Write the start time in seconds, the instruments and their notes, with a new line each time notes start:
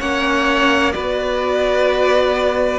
0.00 cello A#3, viola C#4, violin C#5 F#5
0.92 cello B3, viola F#4, violin B4 D5